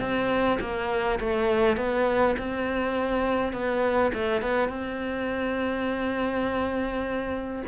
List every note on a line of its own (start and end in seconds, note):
0.00 0.59 C4
0.60 1.19 A#3
1.20 1.76 A3
1.76 2.35 B3
2.38 3.53 C4
3.53 4.11 B3
4.14 4.41 A3
4.41 4.68 B3
4.68 7.63 C4